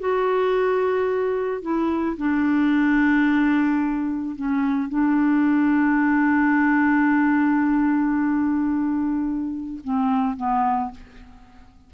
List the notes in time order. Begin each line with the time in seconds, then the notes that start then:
0.00 F#4
1.62 E4
2.17 D4
4.36 C#4
4.89 D4
9.84 C4
10.37 B3